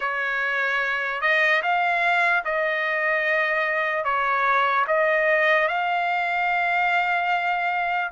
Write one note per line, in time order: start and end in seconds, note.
0.00 1.21 C#5
1.21 1.61 D#5
1.62 2.43 F5
2.44 4.04 D#5
4.04 4.85 C#5
4.86 5.68 D#5
5.68 8.11 F5